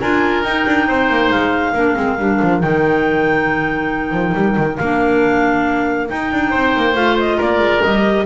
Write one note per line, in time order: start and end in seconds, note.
0.00 0.43 D4
0.00 0.45 F4
0.00 0.87 A#4
0.00 0.43 G#5
0.43 0.65 D#4
0.43 1.75 D#4
0.43 1.30 G5
0.66 0.88 D4
0.87 1.10 C4
0.87 1.72 C5
1.10 1.29 A#3
1.29 1.73 G#3
1.29 2.60 F5
1.72 1.95 A#3
1.72 1.95 D4
1.72 6.50 A#4
1.95 2.18 G#3
1.95 2.17 C4
2.18 2.40 G3
2.18 2.61 D4
2.42 2.63 F3
2.60 4.11 D#3
2.60 4.79 D#4
2.60 4.77 G5
4.11 4.33 F3
4.34 4.56 G3
4.57 4.78 D#3
4.77 6.10 A#3
4.77 6.08 D4
4.77 6.07 F5
6.08 6.95 D#4
6.08 6.32 D#4
6.08 6.95 G5
6.32 6.53 D4
6.50 6.75 C4
6.50 7.37 C5
6.76 6.95 A#3
6.95 7.38 A3
6.95 7.82 F4
6.95 7.17 F5
7.19 7.40 D#5
7.37 7.59 A#3
7.37 8.24 A#4
7.37 7.83 D5
7.59 7.81 G#3
7.83 8.25 G3
7.83 8.25 G4
7.83 8.25 D#5